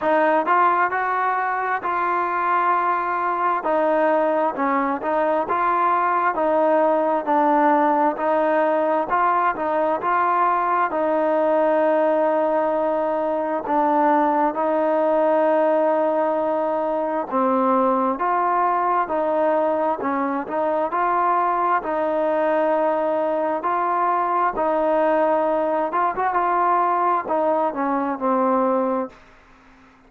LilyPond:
\new Staff \with { instrumentName = "trombone" } { \time 4/4 \tempo 4 = 66 dis'8 f'8 fis'4 f'2 | dis'4 cis'8 dis'8 f'4 dis'4 | d'4 dis'4 f'8 dis'8 f'4 | dis'2. d'4 |
dis'2. c'4 | f'4 dis'4 cis'8 dis'8 f'4 | dis'2 f'4 dis'4~ | dis'8 f'16 fis'16 f'4 dis'8 cis'8 c'4 | }